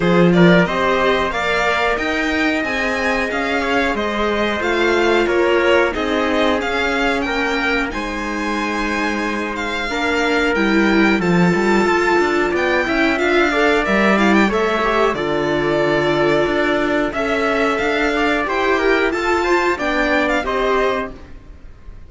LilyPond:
<<
  \new Staff \with { instrumentName = "violin" } { \time 4/4 \tempo 4 = 91 c''8 d''8 dis''4 f''4 g''4 | gis''4 f''4 dis''4 f''4 | cis''4 dis''4 f''4 g''4 | gis''2~ gis''8 f''4. |
g''4 a''2 g''4 | f''4 e''8 f''16 g''16 e''4 d''4~ | d''2 e''4 f''4 | g''4 a''4 g''8. f''16 dis''4 | }
  \new Staff \with { instrumentName = "trumpet" } { \time 4/4 gis'8 ais'8 c''4 d''4 dis''4~ | dis''4. cis''8 c''2 | ais'4 gis'2 ais'4 | c''2. ais'4~ |
ais'4 a'2 d''8 e''8~ | e''8 d''4. cis''4 a'4~ | a'2 e''4. d''8 | c''8 ais'8 a'8 c''8 d''4 c''4 | }
  \new Staff \with { instrumentName = "viola" } { \time 4/4 f'4 g'4 ais'2 | gis'2. f'4~ | f'4 dis'4 cis'2 | dis'2. d'4 |
e'4 f'2~ f'8 e'8 | f'8 a'8 ais'8 e'8 a'8 g'8 f'4~ | f'2 a'2 | g'4 f'4 d'4 g'4 | }
  \new Staff \with { instrumentName = "cello" } { \time 4/4 f4 c'4 ais4 dis'4 | c'4 cis'4 gis4 a4 | ais4 c'4 cis'4 ais4 | gis2. ais4 |
g4 f8 g8 f'8 d'8 b8 cis'8 | d'4 g4 a4 d4~ | d4 d'4 cis'4 d'4 | e'4 f'4 b4 c'4 | }
>>